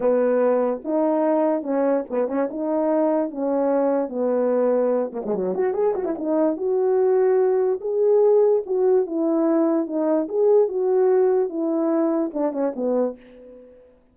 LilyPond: \new Staff \with { instrumentName = "horn" } { \time 4/4 \tempo 4 = 146 b2 dis'2 | cis'4 b8 cis'8 dis'2 | cis'2 b2~ | b8 ais16 gis16 fis8 fis'8 gis'8 fis'16 e'16 dis'4 |
fis'2. gis'4~ | gis'4 fis'4 e'2 | dis'4 gis'4 fis'2 | e'2 d'8 cis'8 b4 | }